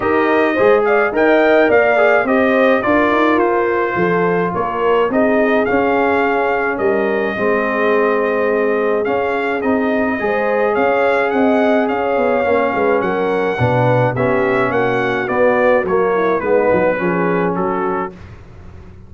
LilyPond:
<<
  \new Staff \with { instrumentName = "trumpet" } { \time 4/4 \tempo 4 = 106 dis''4. f''8 g''4 f''4 | dis''4 d''4 c''2 | cis''4 dis''4 f''2 | dis''1 |
f''4 dis''2 f''4 | fis''4 f''2 fis''4~ | fis''4 e''4 fis''4 d''4 | cis''4 b'2 a'4 | }
  \new Staff \with { instrumentName = "horn" } { \time 4/4 ais'4 c''8 d''8 dis''4 d''4 | c''4 ais'2 a'4 | ais'4 gis'2. | ais'4 gis'2.~ |
gis'2 c''4 cis''4 | dis''4 cis''4. b'8 ais'4 | b'4 g'4 fis'2~ | fis'8 e'8 dis'4 gis'4 fis'4 | }
  \new Staff \with { instrumentName = "trombone" } { \time 4/4 g'4 gis'4 ais'4. gis'8 | g'4 f'2.~ | f'4 dis'4 cis'2~ | cis'4 c'2. |
cis'4 dis'4 gis'2~ | gis'2 cis'2 | d'4 cis'2 b4 | ais4 b4 cis'2 | }
  \new Staff \with { instrumentName = "tuba" } { \time 4/4 dis'4 gis4 dis'4 ais4 | c'4 d'8 dis'8 f'4 f4 | ais4 c'4 cis'2 | g4 gis2. |
cis'4 c'4 gis4 cis'4 | c'4 cis'8 b8 ais8 gis8 fis4 | b,4 b4 ais4 b4 | fis4 gis8 fis8 f4 fis4 | }
>>